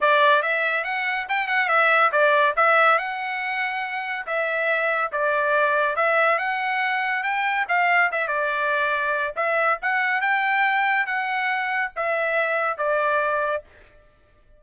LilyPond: \new Staff \with { instrumentName = "trumpet" } { \time 4/4 \tempo 4 = 141 d''4 e''4 fis''4 g''8 fis''8 | e''4 d''4 e''4 fis''4~ | fis''2 e''2 | d''2 e''4 fis''4~ |
fis''4 g''4 f''4 e''8 d''8~ | d''2 e''4 fis''4 | g''2 fis''2 | e''2 d''2 | }